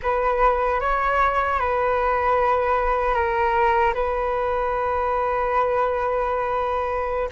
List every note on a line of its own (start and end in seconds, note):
0.02 0.80 B4
0.80 1.59 C#5
1.59 3.14 B4
3.14 3.93 A#4
3.93 7.29 B4